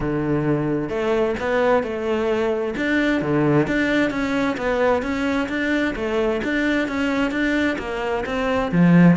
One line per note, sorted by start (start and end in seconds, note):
0.00 0.89 D3
0.89 1.34 A3
1.39 1.83 B3
1.83 2.74 A3
2.76 3.21 D4
3.21 3.67 D3
3.67 4.10 D4
4.10 4.56 C#4
4.57 5.02 B3
5.02 5.48 C#4
5.48 5.94 D4
5.95 6.41 A3
6.44 6.87 D4
6.87 7.31 C#4
7.31 7.76 D4
7.78 8.24 A#3
8.25 8.71 C4
8.71 9.17 F3